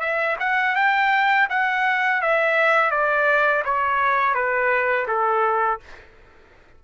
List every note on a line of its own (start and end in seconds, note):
0.00 0.36 E5
0.39 0.76 F#5
0.76 1.48 G5
1.50 2.21 F#5
2.21 2.91 E5
2.91 3.63 D5
3.65 4.34 C#5
4.34 5.07 B4
5.08 5.80 A4